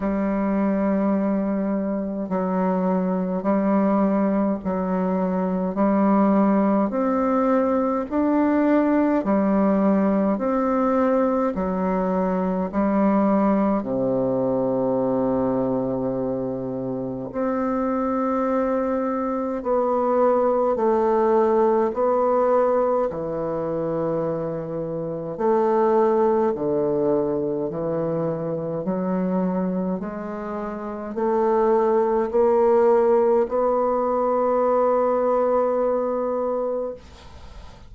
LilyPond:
\new Staff \with { instrumentName = "bassoon" } { \time 4/4 \tempo 4 = 52 g2 fis4 g4 | fis4 g4 c'4 d'4 | g4 c'4 fis4 g4 | c2. c'4~ |
c'4 b4 a4 b4 | e2 a4 d4 | e4 fis4 gis4 a4 | ais4 b2. | }